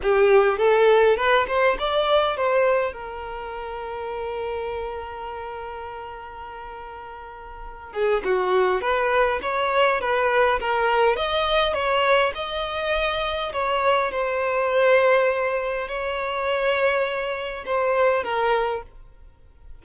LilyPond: \new Staff \with { instrumentName = "violin" } { \time 4/4 \tempo 4 = 102 g'4 a'4 b'8 c''8 d''4 | c''4 ais'2.~ | ais'1~ | ais'4. gis'8 fis'4 b'4 |
cis''4 b'4 ais'4 dis''4 | cis''4 dis''2 cis''4 | c''2. cis''4~ | cis''2 c''4 ais'4 | }